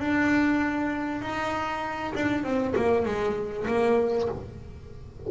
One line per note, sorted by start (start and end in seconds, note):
0.00 1.22 D4
1.22 2.14 D#4
2.15 2.44 D4
2.44 2.75 C4
2.76 3.06 A#3
3.06 3.67 G#3
3.68 4.29 A#3